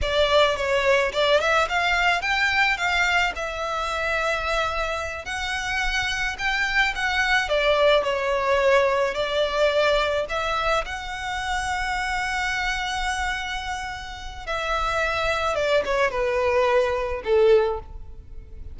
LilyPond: \new Staff \with { instrumentName = "violin" } { \time 4/4 \tempo 4 = 108 d''4 cis''4 d''8 e''8 f''4 | g''4 f''4 e''2~ | e''4. fis''2 g''8~ | g''8 fis''4 d''4 cis''4.~ |
cis''8 d''2 e''4 fis''8~ | fis''1~ | fis''2 e''2 | d''8 cis''8 b'2 a'4 | }